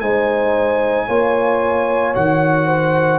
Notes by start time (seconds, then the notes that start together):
0.00 G#3 D#4 C5 G#5
1.07 A#3 F4 C#5
2.15 D#3 F#4 F#5
2.67 C5